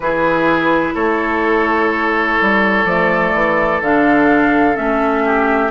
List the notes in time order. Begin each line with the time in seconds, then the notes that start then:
0.00 E3 E4 G#4 B4
0.94 A3 A4 C#5
2.41 G3
2.85 F3 A3 D5
3.33 E3
3.81 D3 D4 F5
4.74 A3 C#4 E5
5.24 G4